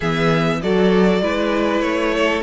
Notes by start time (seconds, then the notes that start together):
0.00 E3 B3 G#4 E5
0.61 F#3 F#4 A4 D5
1.21 G#3 E4 B4
1.80 A3 C#5
2.14 A4